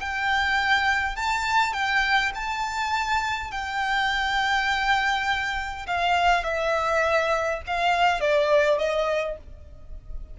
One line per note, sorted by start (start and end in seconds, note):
0.00 1.16 G5
1.16 1.73 A5
1.73 2.32 G5
2.35 3.51 A5
3.51 5.87 G5
5.87 6.44 F5
6.44 7.61 E5
7.67 8.20 F5
8.20 8.78 D5
8.78 9.37 D#5